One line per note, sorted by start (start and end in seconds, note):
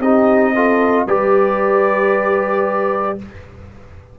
0.00 1.05 C4
0.00 0.55 D#4
0.00 0.54 G4
0.00 1.06 D#5
0.54 1.08 F4
0.54 1.07 A4
1.06 3.17 G3
1.06 3.18 G4
1.06 3.17 B4
1.06 3.19 D5